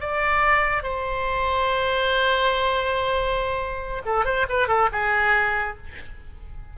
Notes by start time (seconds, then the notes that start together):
0.00 D5
0.83 C5
4.05 A4
4.25 C5
4.49 B4
4.68 A4
4.92 G#4